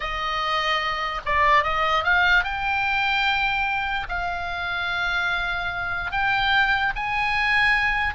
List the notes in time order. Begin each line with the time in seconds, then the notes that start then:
0.00 D#5
1.25 D5
1.63 D#5
2.04 F5
2.44 G5
4.09 F5
6.11 G5
6.95 G#5